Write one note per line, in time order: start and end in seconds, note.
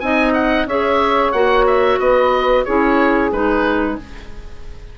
0.00 0.66 C4
0.00 0.68 D#4
0.00 0.67 D#5
0.00 0.33 G#5
0.34 0.67 F#5
0.66 1.32 C#4
0.66 1.34 G#4
0.66 1.99 C#5
0.66 1.32 E5
1.32 1.99 A#3
1.32 2.66 F#4
1.32 1.65 F#5
1.67 2.00 E5
1.99 2.65 B3
1.99 2.64 B4
1.99 2.65 D#5
2.64 3.32 C#4
2.64 3.33 E4
2.64 3.96 G#4
2.64 3.31 C#5
3.32 3.98 G#3
3.32 3.98 D#4
3.32 3.98 B4